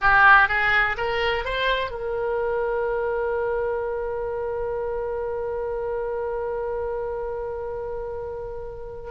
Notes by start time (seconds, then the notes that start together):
0.01 G4
0.48 G#4
0.97 A#4
1.44 C5
1.90 A#4